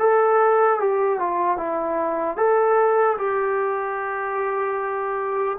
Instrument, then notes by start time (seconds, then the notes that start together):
trombone
0.00 A4
0.80 G4
1.20 F4
1.57 E4
2.37 A4
3.18 G4